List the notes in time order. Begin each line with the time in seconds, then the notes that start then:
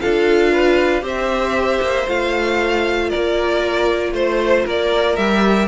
0.00 D4 F4 A4 F5
0.52 B4
1.01 C4 G4 C5
1.07 E5
1.81 A#3
2.08 A3 F4 F5
3.09 A#3 A#4 D5
4.12 A3 C5
4.65 A#3 A#4 D5
5.16 G3 G4 E5